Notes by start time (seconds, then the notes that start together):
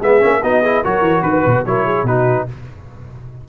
0.00 G#3 B3 G#4 E5
0.21 A#3 C#4
0.42 B3 D#4 F#4 D#5
0.63 E4 G#4
0.83 F#3 F#4 A#4 C#5
1.02 E3
1.23 D#3 B4
1.46 B2
1.66 F#3 E4 A#4 C#5
1.86 G#4
2.03 B2 D#4 F#4 B4